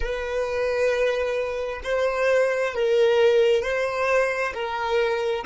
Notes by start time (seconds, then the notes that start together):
0.00 B4
1.83 C5
2.74 A#4
3.62 C5
4.54 A#4